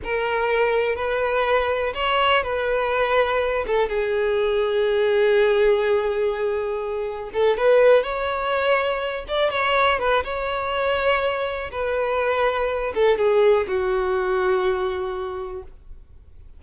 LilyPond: \new Staff \with { instrumentName = "violin" } { \time 4/4 \tempo 4 = 123 ais'2 b'2 | cis''4 b'2~ b'8 a'8 | gis'1~ | gis'2. a'8 b'8~ |
b'8 cis''2~ cis''8 d''8 cis''8~ | cis''8 b'8 cis''2. | b'2~ b'8 a'8 gis'4 | fis'1 | }